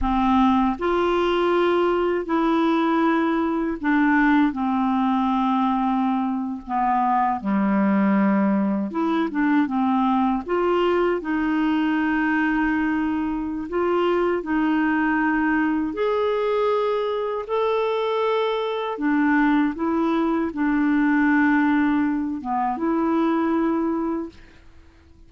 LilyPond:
\new Staff \with { instrumentName = "clarinet" } { \time 4/4 \tempo 4 = 79 c'4 f'2 e'4~ | e'4 d'4 c'2~ | c'8. b4 g2 e'16~ | e'16 d'8 c'4 f'4 dis'4~ dis'16~ |
dis'2 f'4 dis'4~ | dis'4 gis'2 a'4~ | a'4 d'4 e'4 d'4~ | d'4. b8 e'2 | }